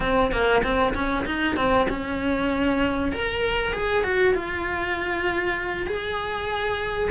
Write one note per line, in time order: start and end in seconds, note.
0.00 0.31 C4
0.31 0.62 A#3
0.63 0.94 C4
0.94 1.25 C#4
1.25 1.56 D#4
1.56 1.87 C4
1.89 3.12 C#4
3.12 3.73 A#4
3.73 4.03 G#4
4.03 4.34 F#4
4.34 5.86 F4
5.86 7.10 G#4